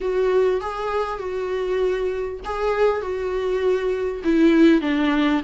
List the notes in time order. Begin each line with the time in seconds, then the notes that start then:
0.01 F#4
0.60 G#4
1.18 F#4
2.44 G#4
3.01 F#4
4.24 E4
4.81 D4